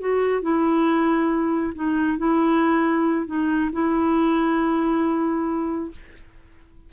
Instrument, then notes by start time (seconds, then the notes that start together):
clarinet
0.00 F#4
0.42 E4
1.74 D#4
2.18 E4
3.26 D#4
3.72 E4